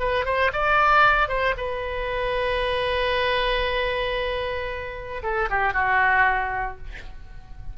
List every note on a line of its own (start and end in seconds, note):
0.00 0.26 B4
0.26 0.52 C5
0.53 1.29 D5
1.29 1.55 C5
1.57 5.23 B4
5.23 5.49 A4
5.50 5.74 G4
5.74 6.78 F#4